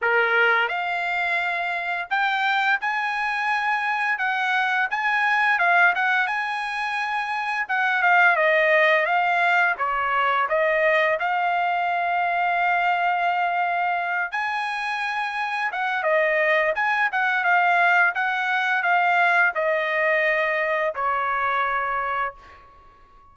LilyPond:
\new Staff \with { instrumentName = "trumpet" } { \time 4/4 \tempo 4 = 86 ais'4 f''2 g''4 | gis''2 fis''4 gis''4 | f''8 fis''8 gis''2 fis''8 f''8 | dis''4 f''4 cis''4 dis''4 |
f''1~ | f''8 gis''2 fis''8 dis''4 | gis''8 fis''8 f''4 fis''4 f''4 | dis''2 cis''2 | }